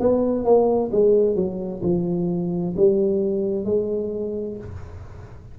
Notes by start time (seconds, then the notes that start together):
0.00 B3
0.45 A#3
0.92 G#3
1.36 F#3
1.83 F3
2.77 G3
3.65 G#3